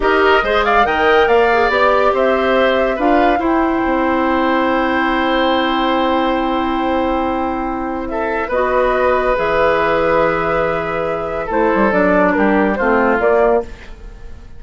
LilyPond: <<
  \new Staff \with { instrumentName = "flute" } { \time 4/4 \tempo 4 = 141 dis''4. f''8 g''4 f''4 | d''4 e''2 f''4 | g''1~ | g''1~ |
g''2. e''4 | dis''2 e''2~ | e''2. c''4 | d''4 ais'4 c''4 d''4 | }
  \new Staff \with { instrumentName = "oboe" } { \time 4/4 ais'4 c''8 d''8 dis''4 d''4~ | d''4 c''2 b'4 | c''1~ | c''1~ |
c''2. a'4 | b'1~ | b'2. a'4~ | a'4 g'4 f'2 | }
  \new Staff \with { instrumentName = "clarinet" } { \time 4/4 g'4 gis'4 ais'4. gis'8 | g'2. f'4 | e'1~ | e'1~ |
e'1 | fis'2 gis'2~ | gis'2. e'4 | d'2 c'4 ais4 | }
  \new Staff \with { instrumentName = "bassoon" } { \time 4/4 dis'4 gis4 dis4 ais4 | b4 c'2 d'4 | e'4 c'2.~ | c'1~ |
c'1 | b2 e2~ | e2. a8 g8 | fis4 g4 a4 ais4 | }
>>